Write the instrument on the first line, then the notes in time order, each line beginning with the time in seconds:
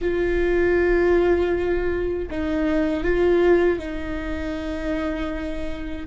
viola
0.01 F4
2.30 D#4
3.03 F4
3.78 D#4